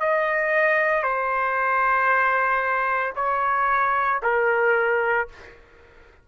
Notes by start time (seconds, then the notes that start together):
0.00 D#5
1.03 C5
3.16 C#5
4.23 A#4